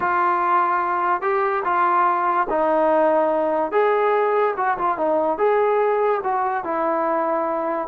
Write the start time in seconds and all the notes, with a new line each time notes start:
0.00 F4
1.21 G4
1.64 F4
2.49 D#4
3.71 G#4
4.56 F#4
4.77 F4
4.97 D#4
5.38 G#4
6.23 F#4
6.63 E4